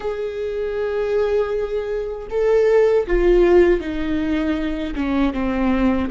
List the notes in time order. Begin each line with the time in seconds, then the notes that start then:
0.00 G#4
2.30 A4
3.07 F4
3.80 D#4
4.95 C#4
5.33 C4